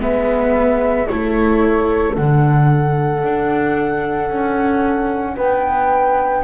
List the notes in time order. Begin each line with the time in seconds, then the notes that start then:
0.00 G#3 B3 B4 E5
1.07 A3 E4 A4 C#5
2.15 D3 D4 F#5
3.23 D4
4.29 C#4
5.36 B3 B4 G5